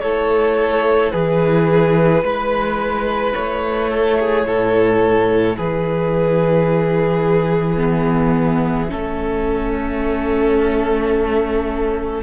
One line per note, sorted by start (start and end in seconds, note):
0.00 1.13 A3
0.00 7.77 E4
0.00 1.13 A4
0.00 1.11 C#5
1.11 2.23 E3
1.11 2.24 G#4
1.11 3.34 B4
2.23 3.34 G#3
2.23 3.90 B4
3.34 4.45 A3
3.34 5.56 C#5
3.90 4.18 A4
4.19 4.47 G#4
4.45 5.56 A2
4.45 5.57 A4
5.57 8.91 E3
5.57 8.90 G#4
5.57 7.81 B4
7.77 8.88 B3
7.77 12.23 E5
8.89 12.23 A3
8.89 12.22 C#4
8.89 12.23 A4